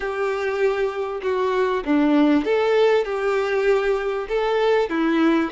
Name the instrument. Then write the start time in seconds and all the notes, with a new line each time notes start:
violin
0.00 G4
1.22 F#4
1.85 D4
2.44 A4
3.04 G4
4.28 A4
4.89 E4